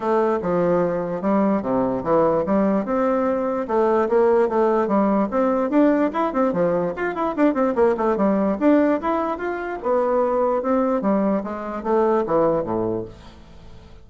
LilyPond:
\new Staff \with { instrumentName = "bassoon" } { \time 4/4 \tempo 4 = 147 a4 f2 g4 | c4 e4 g4 c'4~ | c'4 a4 ais4 a4 | g4 c'4 d'4 e'8 c'8 |
f4 f'8 e'8 d'8 c'8 ais8 a8 | g4 d'4 e'4 f'4 | b2 c'4 g4 | gis4 a4 e4 a,4 | }